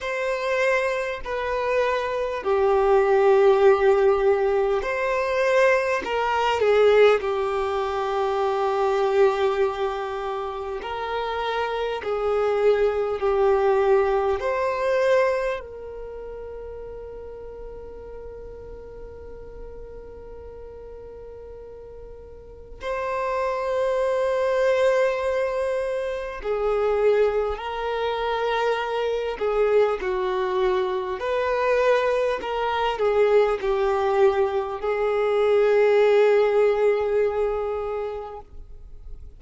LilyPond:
\new Staff \with { instrumentName = "violin" } { \time 4/4 \tempo 4 = 50 c''4 b'4 g'2 | c''4 ais'8 gis'8 g'2~ | g'4 ais'4 gis'4 g'4 | c''4 ais'2.~ |
ais'2. c''4~ | c''2 gis'4 ais'4~ | ais'8 gis'8 fis'4 b'4 ais'8 gis'8 | g'4 gis'2. | }